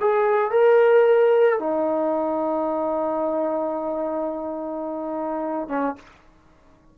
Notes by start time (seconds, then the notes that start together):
0.00 G#4
0.51 A#4
1.59 D#4
5.68 C#4